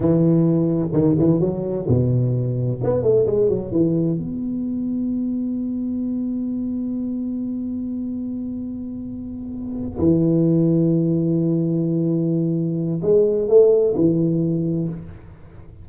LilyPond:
\new Staff \with { instrumentName = "tuba" } { \time 4/4 \tempo 4 = 129 e2 dis8 e8 fis4 | b,2 b8 a8 gis8 fis8 | e4 b2.~ | b1~ |
b1~ | b4. e2~ e8~ | e1 | gis4 a4 e2 | }